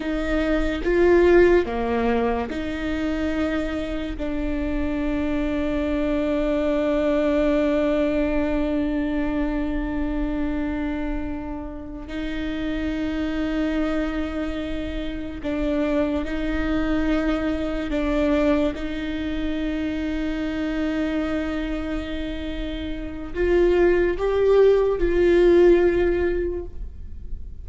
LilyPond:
\new Staff \with { instrumentName = "viola" } { \time 4/4 \tempo 4 = 72 dis'4 f'4 ais4 dis'4~ | dis'4 d'2.~ | d'1~ | d'2~ d'8 dis'4.~ |
dis'2~ dis'8 d'4 dis'8~ | dis'4. d'4 dis'4.~ | dis'1 | f'4 g'4 f'2 | }